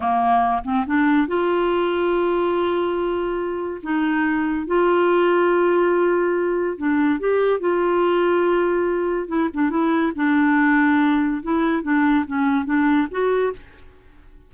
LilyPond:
\new Staff \with { instrumentName = "clarinet" } { \time 4/4 \tempo 4 = 142 ais4. c'8 d'4 f'4~ | f'1~ | f'4 dis'2 f'4~ | f'1 |
d'4 g'4 f'2~ | f'2 e'8 d'8 e'4 | d'2. e'4 | d'4 cis'4 d'4 fis'4 | }